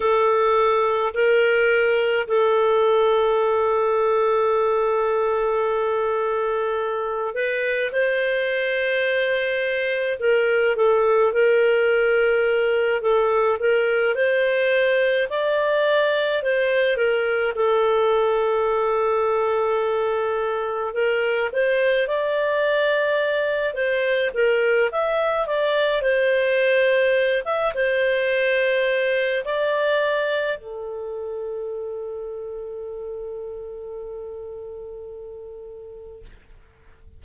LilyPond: \new Staff \with { instrumentName = "clarinet" } { \time 4/4 \tempo 4 = 53 a'4 ais'4 a'2~ | a'2~ a'8 b'8 c''4~ | c''4 ais'8 a'8 ais'4. a'8 | ais'8 c''4 d''4 c''8 ais'8 a'8~ |
a'2~ a'8 ais'8 c''8 d''8~ | d''4 c''8 ais'8 e''8 d''8 c''4~ | c''16 e''16 c''4. d''4 a'4~ | a'1 | }